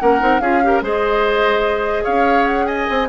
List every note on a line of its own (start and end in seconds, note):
0.00 0.23 A#3
0.00 0.20 C#4
0.00 0.42 A#4
0.00 0.40 F#5
0.20 0.41 C4
0.20 0.41 D#4
0.40 0.82 C#4
0.40 0.63 F4
0.40 0.62 G#4
0.40 0.82 F5
0.63 0.83 G4
0.63 0.84 A#4
0.82 2.05 G#3
0.82 3.09 G#4
0.82 2.04 C5
0.82 2.05 D#5
2.04 2.90 C#4
2.04 2.66 C#5
2.04 2.46 F5
2.46 2.66 F#5
2.67 3.09 D#5
2.67 3.08 G#5
2.90 3.09 C4